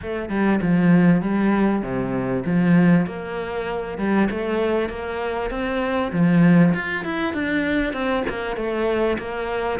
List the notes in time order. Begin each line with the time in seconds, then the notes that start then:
0.02 A3
0.29 G3
0.61 F3
1.21 G3
1.82 C3
2.45 F3
3.06 A#3
3.98 G3
4.30 A3
4.89 A#3
5.50 C4
6.12 F3
6.74 F4
7.04 E4
7.33 D4
7.93 C4
8.28 A#3
8.56 A3
9.18 A#3